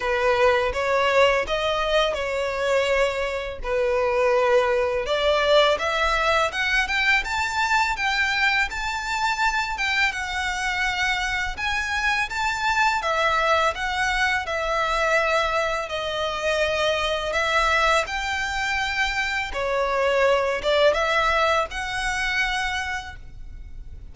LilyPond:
\new Staff \with { instrumentName = "violin" } { \time 4/4 \tempo 4 = 83 b'4 cis''4 dis''4 cis''4~ | cis''4 b'2 d''4 | e''4 fis''8 g''8 a''4 g''4 | a''4. g''8 fis''2 |
gis''4 a''4 e''4 fis''4 | e''2 dis''2 | e''4 g''2 cis''4~ | cis''8 d''8 e''4 fis''2 | }